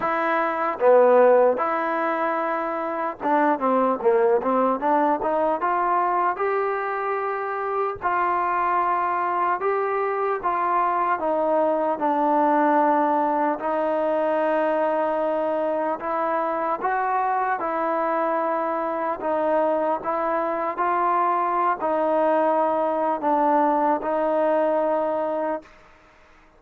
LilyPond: \new Staff \with { instrumentName = "trombone" } { \time 4/4 \tempo 4 = 75 e'4 b4 e'2 | d'8 c'8 ais8 c'8 d'8 dis'8 f'4 | g'2 f'2 | g'4 f'4 dis'4 d'4~ |
d'4 dis'2. | e'4 fis'4 e'2 | dis'4 e'4 f'4~ f'16 dis'8.~ | dis'4 d'4 dis'2 | }